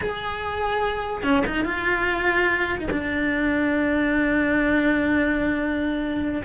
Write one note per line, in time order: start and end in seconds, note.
0.01 1.23 G#4
1.23 1.44 C#4
1.46 1.64 D#4
1.64 2.78 F4
2.78 2.89 D#4
2.90 6.42 D4